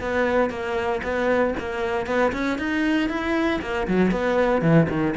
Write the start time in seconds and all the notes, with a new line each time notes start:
0.00 B3
0.50 A#3
1.03 B3
1.59 A#3
2.06 B3
2.32 C#4
2.58 D#4
3.09 E4
3.61 A#3
3.87 F#3
4.11 B3
4.61 E3
4.89 D#3